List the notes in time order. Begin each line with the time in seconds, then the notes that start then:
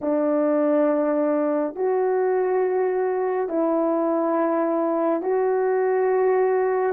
0.01 D4
1.75 F#4
3.48 E4
5.22 F#4